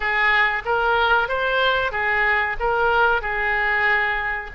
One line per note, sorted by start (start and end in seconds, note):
0.00 0.62 G#4
0.65 1.28 A#4
1.28 1.91 C5
1.91 2.56 G#4
2.59 3.21 A#4
3.21 4.50 G#4